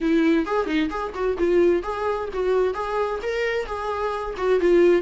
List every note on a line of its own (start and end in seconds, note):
0.00 0.46 E4
0.46 0.66 G#4
0.66 0.89 D#4
0.89 1.12 G#4
1.14 1.37 F#4
1.37 1.83 F4
1.83 2.28 G#4
2.33 2.74 F#4
2.74 3.19 G#4
3.22 3.65 A#4
3.65 4.34 G#4
4.37 4.59 F#4
4.59 5.02 F4